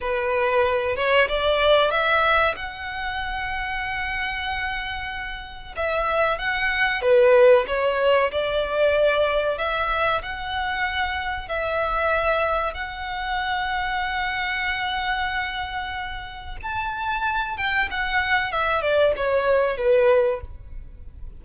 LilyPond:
\new Staff \with { instrumentName = "violin" } { \time 4/4 \tempo 4 = 94 b'4. cis''8 d''4 e''4 | fis''1~ | fis''4 e''4 fis''4 b'4 | cis''4 d''2 e''4 |
fis''2 e''2 | fis''1~ | fis''2 a''4. g''8 | fis''4 e''8 d''8 cis''4 b'4 | }